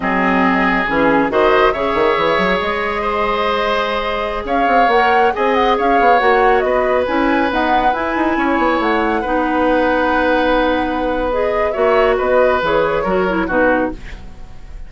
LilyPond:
<<
  \new Staff \with { instrumentName = "flute" } { \time 4/4 \tempo 4 = 138 dis''2 gis'4 dis''4 | e''2 dis''2~ | dis''2~ dis''16 f''4 fis''8.~ | fis''16 gis''8 fis''8 f''4 fis''4 dis''8.~ |
dis''16 gis''4 fis''4 gis''4.~ gis''16~ | gis''16 fis''2.~ fis''8.~ | fis''2 dis''4 e''4 | dis''4 cis''2 b'4 | }
  \new Staff \with { instrumentName = "oboe" } { \time 4/4 gis'2. c''4 | cis''2. c''4~ | c''2~ c''16 cis''4.~ cis''16~ | cis''16 dis''4 cis''2 b'8.~ |
b'2.~ b'16 cis''8.~ | cis''4~ cis''16 b'2~ b'8.~ | b'2. cis''4 | b'2 ais'4 fis'4 | }
  \new Staff \with { instrumentName = "clarinet" } { \time 4/4 c'2 cis'4 fis'4 | gis'1~ | gis'2.~ gis'16 ais'8.~ | ais'16 gis'2 fis'4.~ fis'16~ |
fis'16 e'4 b4 e'4.~ e'16~ | e'4~ e'16 dis'2~ dis'8.~ | dis'2 gis'4 fis'4~ | fis'4 gis'4 fis'8 e'8 dis'4 | }
  \new Staff \with { instrumentName = "bassoon" } { \time 4/4 fis2 e4 dis4 | cis8 dis8 e8 fis8 gis2~ | gis2~ gis16 cis'8 c'8 ais8.~ | ais16 c'4 cis'8 b8 ais4 b8.~ |
b16 cis'4 dis'4 e'8 dis'8 cis'8 b16~ | b16 a4 b2~ b8.~ | b2. ais4 | b4 e4 fis4 b,4 | }
>>